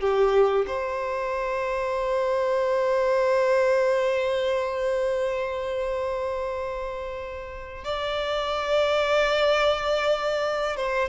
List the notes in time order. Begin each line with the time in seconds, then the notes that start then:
0.00 G4
0.67 C5
7.84 D5
10.77 C5